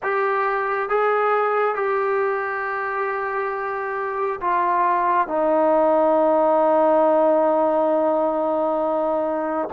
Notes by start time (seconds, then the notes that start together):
0.02 G4
0.89 G#4
1.75 G4
4.40 F4
5.27 D#4